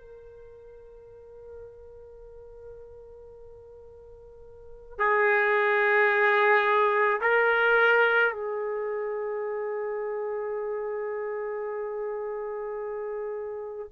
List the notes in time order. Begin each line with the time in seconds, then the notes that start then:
0.00 A#4
4.98 G#4
7.22 A#4
8.33 G#4